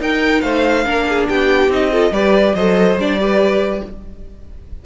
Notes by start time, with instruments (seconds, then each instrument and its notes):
0.00 cello D#4, viola D#4, violin A#4 G5
0.42 cello A3, violin C5 F5
0.85 cello A#3, viola D4, violin A#4
1.09 violin G#4
1.29 cello B3, violin G4 G5
1.68 cello C4, viola D#4, violin D#5
1.92 viola F4, violin A4
2.11 cello G3, viola G4, violin B4 D5
2.55 cello F#3, viola A4, violin C5 D#5
2.96 cello G3, viola D4, violin D5
3.20 viola G4, violin B4